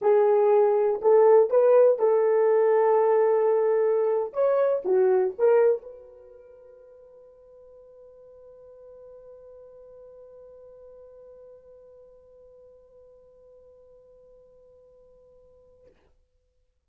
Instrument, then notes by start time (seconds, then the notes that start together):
horn
0.01 G#4
1.01 A4
1.50 B4
1.98 A4
4.33 C#5
4.84 F#4
5.38 A#4
5.82 B4